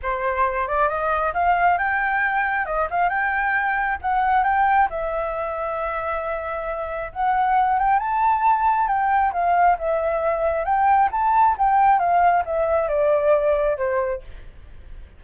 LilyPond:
\new Staff \with { instrumentName = "flute" } { \time 4/4 \tempo 4 = 135 c''4. d''8 dis''4 f''4 | g''2 dis''8 f''8 g''4~ | g''4 fis''4 g''4 e''4~ | e''1 |
fis''4. g''8 a''2 | g''4 f''4 e''2 | g''4 a''4 g''4 f''4 | e''4 d''2 c''4 | }